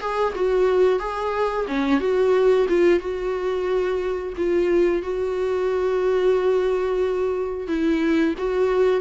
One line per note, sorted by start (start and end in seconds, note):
0.00 0.33 G#4
0.35 0.99 F#4
0.99 1.66 G#4
1.67 2.00 C#4
2.00 2.66 F#4
2.69 3.00 F4
3.00 4.33 F#4
4.37 5.02 F4
5.02 7.68 F#4
7.68 8.34 E4
8.38 9.01 F#4